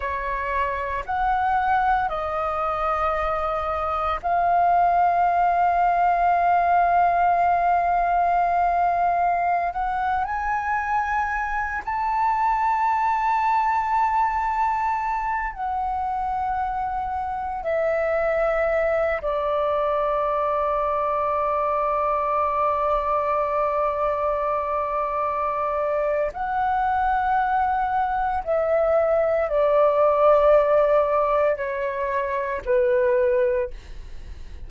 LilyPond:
\new Staff \with { instrumentName = "flute" } { \time 4/4 \tempo 4 = 57 cis''4 fis''4 dis''2 | f''1~ | f''4~ f''16 fis''8 gis''4. a''8.~ | a''2~ a''8. fis''4~ fis''16~ |
fis''8. e''4. d''4.~ d''16~ | d''1~ | d''4 fis''2 e''4 | d''2 cis''4 b'4 | }